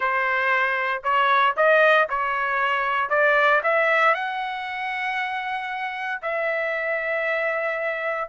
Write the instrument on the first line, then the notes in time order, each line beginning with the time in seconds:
trumpet
0.00 C5
1.03 C#5
1.56 D#5
2.09 C#5
3.09 D5
3.63 E5
4.14 F#5
6.22 E5